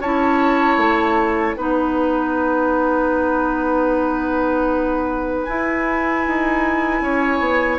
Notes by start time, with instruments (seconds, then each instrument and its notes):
0.00 bassoon C#4, clarinet E4, oboe C#5, flute A5
0.77 bassoon A3
1.56 bassoon B3, clarinet D#4, oboe B4, flute F#5
5.44 clarinet E4, bassoon E4, flute G#5
6.27 bassoon D#4
7.01 bassoon C#4, oboe C#5
7.40 bassoon B3